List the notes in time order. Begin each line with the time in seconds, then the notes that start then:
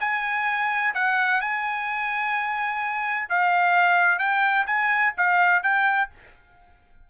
0.00 G#5
0.94 F#5
1.40 G#5
3.29 F5
4.18 G5
4.66 G#5
5.17 F5
5.62 G5